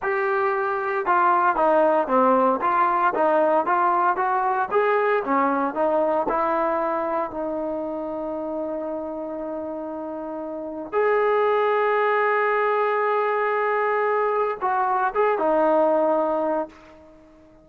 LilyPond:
\new Staff \with { instrumentName = "trombone" } { \time 4/4 \tempo 4 = 115 g'2 f'4 dis'4 | c'4 f'4 dis'4 f'4 | fis'4 gis'4 cis'4 dis'4 | e'2 dis'2~ |
dis'1~ | dis'4 gis'2.~ | gis'1 | fis'4 gis'8 dis'2~ dis'8 | }